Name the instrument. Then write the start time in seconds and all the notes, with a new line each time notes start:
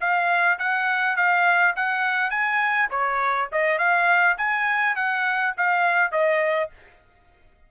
trumpet
0.00 F5
0.59 F#5
1.16 F5
1.76 F#5
2.30 G#5
2.90 C#5
3.52 D#5
3.78 F5
4.37 G#5
4.95 F#5
5.57 F5
6.11 D#5